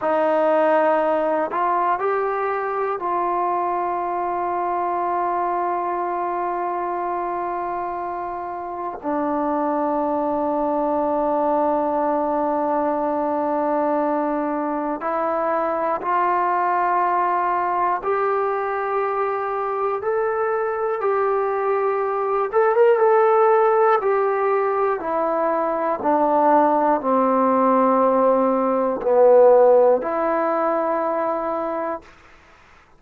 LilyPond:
\new Staff \with { instrumentName = "trombone" } { \time 4/4 \tempo 4 = 60 dis'4. f'8 g'4 f'4~ | f'1~ | f'4 d'2.~ | d'2. e'4 |
f'2 g'2 | a'4 g'4. a'16 ais'16 a'4 | g'4 e'4 d'4 c'4~ | c'4 b4 e'2 | }